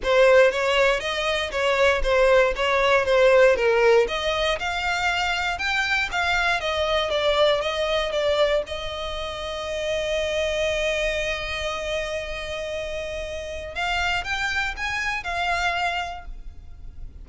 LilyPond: \new Staff \with { instrumentName = "violin" } { \time 4/4 \tempo 4 = 118 c''4 cis''4 dis''4 cis''4 | c''4 cis''4 c''4 ais'4 | dis''4 f''2 g''4 | f''4 dis''4 d''4 dis''4 |
d''4 dis''2.~ | dis''1~ | dis''2. f''4 | g''4 gis''4 f''2 | }